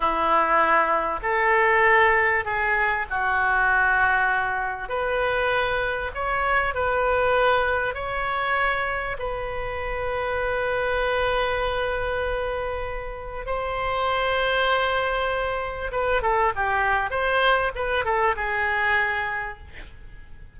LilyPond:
\new Staff \with { instrumentName = "oboe" } { \time 4/4 \tempo 4 = 98 e'2 a'2 | gis'4 fis'2. | b'2 cis''4 b'4~ | b'4 cis''2 b'4~ |
b'1~ | b'2 c''2~ | c''2 b'8 a'8 g'4 | c''4 b'8 a'8 gis'2 | }